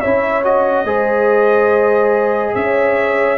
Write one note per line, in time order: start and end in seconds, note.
0.00 0.84 C#4
0.00 0.44 E4
0.00 0.85 C#5
0.00 0.42 E5
0.44 0.86 F#4
0.44 2.54 D#5
0.84 2.53 G#3
0.84 3.37 G#4
0.84 2.55 C5
2.54 3.37 C#4
2.54 3.37 C#5
2.54 3.37 E5